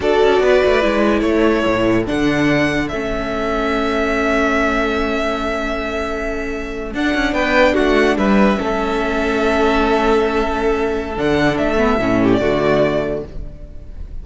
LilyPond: <<
  \new Staff \with { instrumentName = "violin" } { \time 4/4 \tempo 4 = 145 d''2. cis''4~ | cis''4 fis''2 e''4~ | e''1~ | e''1~ |
e''8. fis''4 g''4 fis''4 e''16~ | e''1~ | e''2. fis''4 | e''4.~ e''16 d''2~ d''16 | }
  \new Staff \with { instrumentName = "violin" } { \time 4/4 a'4 b'2 a'4~ | a'1~ | a'1~ | a'1~ |
a'4.~ a'16 b'4 fis'4 b'16~ | b'8. a'2.~ a'16~ | a'1~ | a'4. g'8 fis'2 | }
  \new Staff \with { instrumentName = "viola" } { \time 4/4 fis'2 e'2~ | e'4 d'2 cis'4~ | cis'1~ | cis'1~ |
cis'8. d'2.~ d'16~ | d'8. cis'2.~ cis'16~ | cis'2. d'4~ | d'8 b8 cis'4 a2 | }
  \new Staff \with { instrumentName = "cello" } { \time 4/4 d'8 cis'8 b8 a8 gis4 a4 | a,4 d2 a4~ | a1~ | a1~ |
a8. d'8 cis'8 b4 a4 g16~ | g8. a2.~ a16~ | a2. d4 | a4 a,4 d2 | }
>>